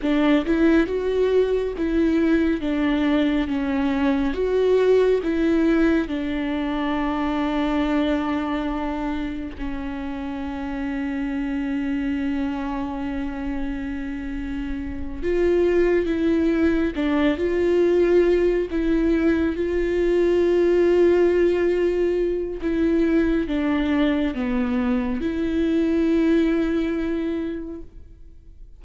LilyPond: \new Staff \with { instrumentName = "viola" } { \time 4/4 \tempo 4 = 69 d'8 e'8 fis'4 e'4 d'4 | cis'4 fis'4 e'4 d'4~ | d'2. cis'4~ | cis'1~ |
cis'4. f'4 e'4 d'8 | f'4. e'4 f'4.~ | f'2 e'4 d'4 | b4 e'2. | }